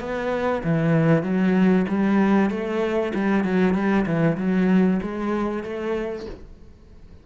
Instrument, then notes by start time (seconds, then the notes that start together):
cello
0.00 B3
0.64 E3
1.23 F#3
1.88 G3
2.50 A3
3.15 G3
3.44 F#3
3.74 G3
4.06 E3
4.38 F#3
5.02 G#3
5.63 A3